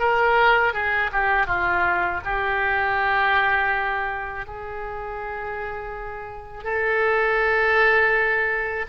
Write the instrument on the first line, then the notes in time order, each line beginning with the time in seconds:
oboe
0.00 A#4
0.74 G#4
1.13 G4
1.47 F4
2.25 G4
4.47 G#4
6.64 A4